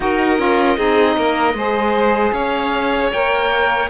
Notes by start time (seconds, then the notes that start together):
0.00 D#4 F#4 A#4 D#5
0.37 C#4 F4
0.76 C4 D#4 G#4
1.16 A#3 A#4
1.53 G#3 G#4 C5
2.32 C#4 C#5 F5
3.12 A#3 A#4 G5